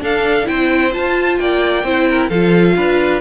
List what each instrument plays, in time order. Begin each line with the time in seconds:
0.00 viola D4, cello D4, violin A4 F5
0.45 cello C4, viola E4, violin C5 G5
0.92 viola F4, cello F4, violin A5
1.38 cello A#3, violin D5 G5
1.83 cello C4, viola E4, violin C5
2.09 violin A#4
2.29 cello F3, viola F4, violin A4 F5
2.76 cello D4, violin B4